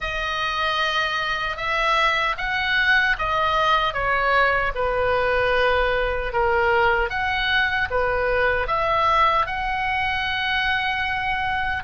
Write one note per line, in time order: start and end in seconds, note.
0.00 1.56 D#5
1.56 2.35 E5
2.37 3.16 F#5
3.18 3.93 D#5
3.93 4.72 C#5
4.74 6.32 B4
6.33 7.09 A#4
7.09 7.88 F#5
7.90 8.67 B4
8.67 9.46 E5
9.46 11.83 F#5